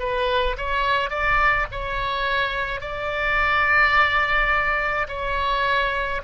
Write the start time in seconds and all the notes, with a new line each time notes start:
0.00 B4
0.58 C#5
1.10 D5
1.72 C#5
2.81 D5
5.08 C#5